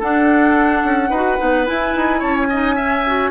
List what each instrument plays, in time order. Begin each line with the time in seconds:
0.00 clarinet D4, bassoon D4, oboe A4, flute F#5
0.83 bassoon C#4
1.10 bassoon D#4, clarinet F#4, oboe B4
1.38 bassoon B3, clarinet D#4
1.66 clarinet E4, bassoon E4, flute G#5
1.96 bassoon D#4
2.20 bassoon C#4, oboe C#5, flute A5
2.36 flute G#5
2.50 clarinet D#4, oboe D#5
2.75 clarinet C#4, oboe E5
3.07 clarinet F#4